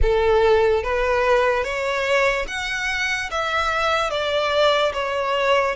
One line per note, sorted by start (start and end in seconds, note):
0.02 0.83 A4
0.83 1.64 B4
1.64 2.46 C#5
2.47 3.30 F#5
3.30 4.10 E5
4.10 4.92 D5
4.93 5.75 C#5